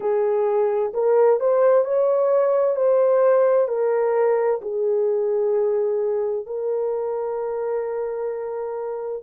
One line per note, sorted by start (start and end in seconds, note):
0.00 0.92 G#4
0.93 1.39 A#4
1.39 1.85 C5
1.85 2.76 C#5
2.76 3.68 C5
3.68 4.60 A#4
4.61 6.46 G#4
6.46 9.23 A#4